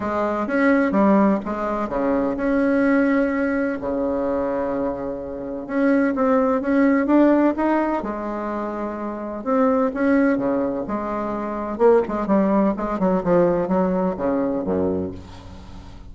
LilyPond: \new Staff \with { instrumentName = "bassoon" } { \time 4/4 \tempo 4 = 127 gis4 cis'4 g4 gis4 | cis4 cis'2. | cis1 | cis'4 c'4 cis'4 d'4 |
dis'4 gis2. | c'4 cis'4 cis4 gis4~ | gis4 ais8 gis8 g4 gis8 fis8 | f4 fis4 cis4 fis,4 | }